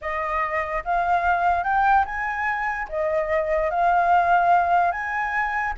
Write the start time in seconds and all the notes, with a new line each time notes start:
0.01 D#5
0.84 F5
1.63 G5
2.05 G#5
2.88 D#5
3.70 F5
4.91 G#5